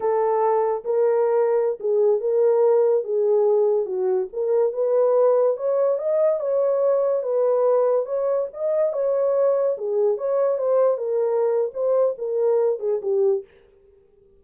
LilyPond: \new Staff \with { instrumentName = "horn" } { \time 4/4 \tempo 4 = 143 a'2 ais'2~ | ais'16 gis'4 ais'2 gis'8.~ | gis'4~ gis'16 fis'4 ais'4 b'8.~ | b'4~ b'16 cis''4 dis''4 cis''8.~ |
cis''4~ cis''16 b'2 cis''8.~ | cis''16 dis''4 cis''2 gis'8.~ | gis'16 cis''4 c''4 ais'4.~ ais'16 | c''4 ais'4. gis'8 g'4 | }